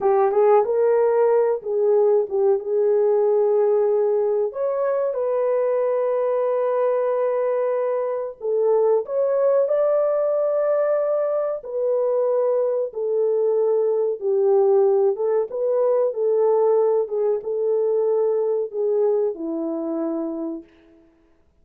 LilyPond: \new Staff \with { instrumentName = "horn" } { \time 4/4 \tempo 4 = 93 g'8 gis'8 ais'4. gis'4 g'8 | gis'2. cis''4 | b'1~ | b'4 a'4 cis''4 d''4~ |
d''2 b'2 | a'2 g'4. a'8 | b'4 a'4. gis'8 a'4~ | a'4 gis'4 e'2 | }